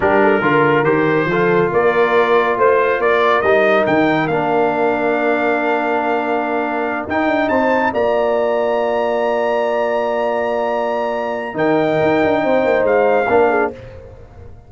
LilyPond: <<
  \new Staff \with { instrumentName = "trumpet" } { \time 4/4 \tempo 4 = 140 ais'2 c''2 | d''2 c''4 d''4 | dis''4 g''4 f''2~ | f''1~ |
f''8 g''4 a''4 ais''4.~ | ais''1~ | ais''2. g''4~ | g''2 f''2 | }
  \new Staff \with { instrumentName = "horn" } { \time 4/4 g'8 a'8 ais'2 a'4 | ais'2 c''4 ais'4~ | ais'1~ | ais'1~ |
ais'4. c''4 d''4.~ | d''1~ | d''2. ais'4~ | ais'4 c''2 ais'8 gis'8 | }
  \new Staff \with { instrumentName = "trombone" } { \time 4/4 d'4 f'4 g'4 f'4~ | f'1 | dis'2 d'2~ | d'1~ |
d'8 dis'2 f'4.~ | f'1~ | f'2. dis'4~ | dis'2. d'4 | }
  \new Staff \with { instrumentName = "tuba" } { \time 4/4 g4 d4 dis4 f4 | ais2 a4 ais4 | g4 dis4 ais2~ | ais1~ |
ais8 dis'8 d'8 c'4 ais4.~ | ais1~ | ais2. dis4 | dis'8 d'8 c'8 ais8 gis4 ais4 | }
>>